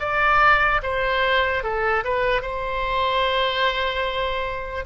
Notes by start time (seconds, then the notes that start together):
0.00 D5
0.83 C5
1.63 A4
2.04 B4
2.42 C5